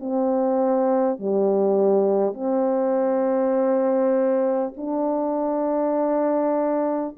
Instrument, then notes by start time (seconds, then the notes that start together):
horn
0.00 C4
1.19 G3
2.34 C4
4.77 D4